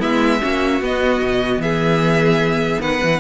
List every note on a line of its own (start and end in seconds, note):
0.00 0.43 G#3
0.00 0.40 B3
0.00 0.40 E4
0.00 0.82 E5
0.42 0.81 A#3
0.42 0.82 C#4
0.42 1.62 F#4
0.81 1.21 B3
0.81 3.20 B3
0.81 1.62 D#5
1.23 1.58 B2
1.58 2.78 E3
1.58 2.82 G#4
1.58 2.82 E5
2.81 3.01 D#3
2.81 3.20 B4
2.81 3.20 F#5
3.04 3.20 E3